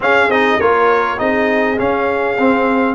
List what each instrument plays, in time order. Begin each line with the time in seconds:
0.00 trombone C#4, tuba C#4, horn G#4, trumpet F5
0.27 tuba C4, trombone D#4, trumpet D#5
0.59 tuba A#3, trombone F4, horn A#4, trumpet C#5
1.17 tuba C4, trombone D#4, horn G#4, trumpet D#5
1.77 trombone C#4, tuba C#4, trumpet F5
2.38 tuba C4, trombone C4